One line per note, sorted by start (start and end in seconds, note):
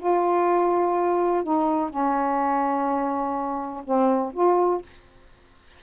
0.00 1.44 F4
1.44 1.90 D#4
1.90 3.84 C#4
3.85 4.33 C4
4.34 4.82 F4